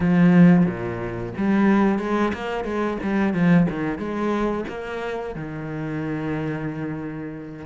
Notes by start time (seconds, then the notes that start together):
0.00 F3
0.65 A#2
1.37 G3
1.98 G#3
2.33 A#3
2.64 G#3
3.02 G3
3.33 F3
3.69 D#3
3.98 G#3
4.68 A#3
5.35 D#3